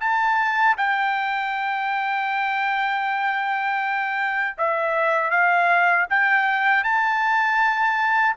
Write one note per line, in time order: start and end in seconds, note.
0.00 0.76 A5
0.77 4.57 G5
4.58 5.31 E5
5.31 6.07 F5
6.10 6.84 G5
6.84 8.36 A5